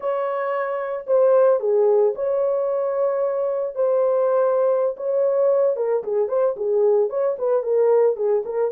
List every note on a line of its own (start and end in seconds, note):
0.00 1.06 C#5
1.07 1.59 C5
1.59 2.13 G#4
2.15 3.75 C#5
3.75 4.95 C5
4.97 5.76 C#5
5.76 6.03 A#4
6.03 6.28 G#4
6.28 6.55 C5
6.56 7.09 G#4
7.09 7.36 C#5
7.38 7.62 B4
7.62 8.16 A#4
8.16 8.43 G#4
8.45 8.71 A#4